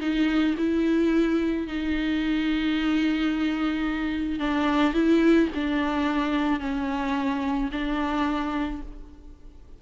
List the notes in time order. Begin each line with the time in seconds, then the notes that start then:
0.00 D#4
0.58 E4
1.67 D#4
4.39 D4
4.93 E4
5.55 D4
6.60 C#4
7.72 D4